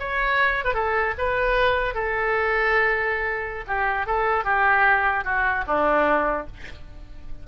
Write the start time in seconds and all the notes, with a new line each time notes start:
0.00 C#5
0.65 B4
0.74 A4
1.18 B4
1.95 A4
3.67 G4
4.07 A4
4.45 G4
5.25 F#4
5.67 D4